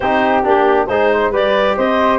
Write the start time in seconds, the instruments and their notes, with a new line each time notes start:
0.00 tuba C4, trombone D#4, flute G4, clarinet C5
0.43 tuba A#3, trombone D4, clarinet G4
0.86 tuba G#3, trombone D#4, flute G#4, clarinet C5
1.11 flute C5
1.31 tuba G3, trombone G4, flute B4, clarinet D5
1.76 tuba C4, flute C5, clarinet D#5